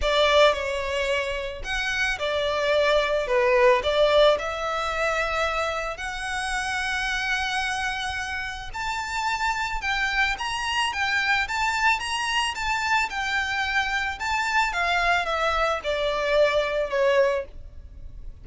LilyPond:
\new Staff \with { instrumentName = "violin" } { \time 4/4 \tempo 4 = 110 d''4 cis''2 fis''4 | d''2 b'4 d''4 | e''2. fis''4~ | fis''1 |
a''2 g''4 ais''4 | g''4 a''4 ais''4 a''4 | g''2 a''4 f''4 | e''4 d''2 cis''4 | }